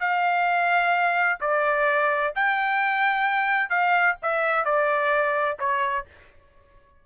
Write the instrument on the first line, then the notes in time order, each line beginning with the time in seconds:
trumpet
0.00 F5
1.41 D5
2.35 G5
3.70 F5
4.22 E5
4.65 D5
5.59 C#5